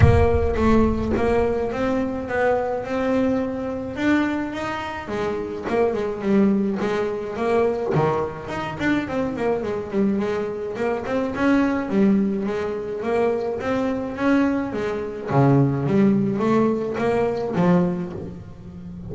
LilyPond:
\new Staff \with { instrumentName = "double bass" } { \time 4/4 \tempo 4 = 106 ais4 a4 ais4 c'4 | b4 c'2 d'4 | dis'4 gis4 ais8 gis8 g4 | gis4 ais4 dis4 dis'8 d'8 |
c'8 ais8 gis8 g8 gis4 ais8 c'8 | cis'4 g4 gis4 ais4 | c'4 cis'4 gis4 cis4 | g4 a4 ais4 f4 | }